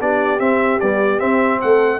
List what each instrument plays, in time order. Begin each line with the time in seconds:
0.00 tuba B3, trombone D4, horn G4, trumpet D5
0.39 trombone C4, tuba C4, trumpet E5
0.80 trombone G3, tuba B3, trumpet D5
1.18 trombone C4, tuba C4, trumpet E5
1.61 tuba A3, horn A4, trumpet F#5